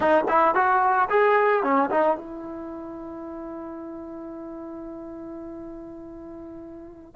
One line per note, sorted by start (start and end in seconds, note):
0.00 0.24 D#4
0.28 0.54 E4
0.54 1.08 F#4
1.09 1.63 G#4
1.63 1.90 C#4
1.90 2.17 D#4
2.17 7.15 E4